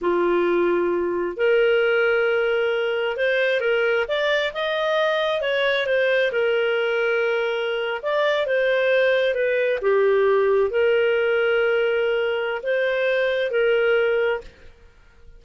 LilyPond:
\new Staff \with { instrumentName = "clarinet" } { \time 4/4 \tempo 4 = 133 f'2. ais'4~ | ais'2. c''4 | ais'4 d''4 dis''2 | cis''4 c''4 ais'2~ |
ais'4.~ ais'16 d''4 c''4~ c''16~ | c''8. b'4 g'2 ais'16~ | ais'1 | c''2 ais'2 | }